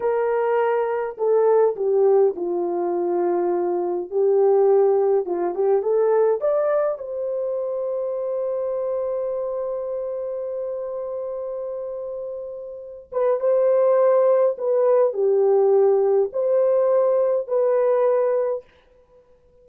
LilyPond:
\new Staff \with { instrumentName = "horn" } { \time 4/4 \tempo 4 = 103 ais'2 a'4 g'4 | f'2. g'4~ | g'4 f'8 g'8 a'4 d''4 | c''1~ |
c''1~ | c''2~ c''8 b'8 c''4~ | c''4 b'4 g'2 | c''2 b'2 | }